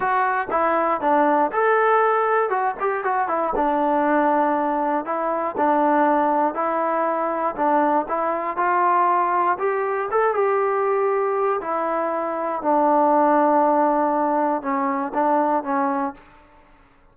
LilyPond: \new Staff \with { instrumentName = "trombone" } { \time 4/4 \tempo 4 = 119 fis'4 e'4 d'4 a'4~ | a'4 fis'8 g'8 fis'8 e'8 d'4~ | d'2 e'4 d'4~ | d'4 e'2 d'4 |
e'4 f'2 g'4 | a'8 g'2~ g'8 e'4~ | e'4 d'2.~ | d'4 cis'4 d'4 cis'4 | }